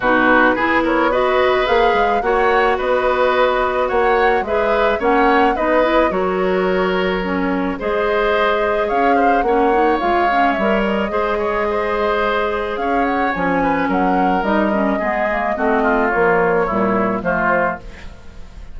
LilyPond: <<
  \new Staff \with { instrumentName = "flute" } { \time 4/4 \tempo 4 = 108 b'4. cis''8 dis''4 f''4 | fis''4 dis''2 fis''4 | e''4 fis''4 dis''4 cis''4~ | cis''2 dis''2 |
f''4 fis''4 f''4 e''8 dis''8~ | dis''2. f''8 fis''8 | gis''4 fis''4 dis''2~ | dis''4 cis''2 c''4 | }
  \new Staff \with { instrumentName = "oboe" } { \time 4/4 fis'4 gis'8 ais'8 b'2 | cis''4 b'2 cis''4 | b'4 cis''4 b'4 ais'4~ | ais'2 c''2 |
cis''8 c''8 cis''2. | c''8 cis''8 c''2 cis''4~ | cis''8 b'8 ais'2 gis'4 | fis'8 f'4. e'4 f'4 | }
  \new Staff \with { instrumentName = "clarinet" } { \time 4/4 dis'4 e'4 fis'4 gis'4 | fis'1 | gis'4 cis'4 dis'8 e'8 fis'4~ | fis'4 cis'4 gis'2~ |
gis'4 cis'8 dis'8 f'8 cis'8 ais'4 | gis'1 | cis'2 dis'8 cis'8 b8 ais8 | c'4 f4 g4 a4 | }
  \new Staff \with { instrumentName = "bassoon" } { \time 4/4 b,4 b2 ais8 gis8 | ais4 b2 ais4 | gis4 ais4 b4 fis4~ | fis2 gis2 |
cis'4 ais4 gis4 g4 | gis2. cis'4 | f4 fis4 g4 gis4 | a4 ais4 ais,4 f4 | }
>>